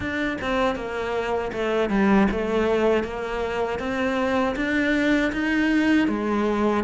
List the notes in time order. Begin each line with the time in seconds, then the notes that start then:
0.00 D4
0.41 C4
0.75 A#3
1.52 A3
1.89 G3
2.31 A3
3.03 A#3
3.79 C4
4.56 D4
5.32 D#4
6.08 G#3